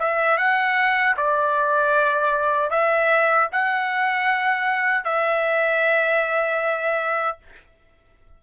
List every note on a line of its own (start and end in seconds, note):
0.00 0.38 E5
0.38 1.16 F#5
1.17 2.71 D5
2.71 3.49 E5
3.52 5.05 F#5
5.05 7.38 E5